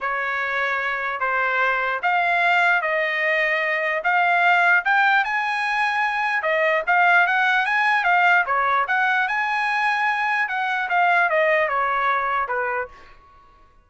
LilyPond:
\new Staff \with { instrumentName = "trumpet" } { \time 4/4 \tempo 4 = 149 cis''2. c''4~ | c''4 f''2 dis''4~ | dis''2 f''2 | g''4 gis''2. |
dis''4 f''4 fis''4 gis''4 | f''4 cis''4 fis''4 gis''4~ | gis''2 fis''4 f''4 | dis''4 cis''2 b'4 | }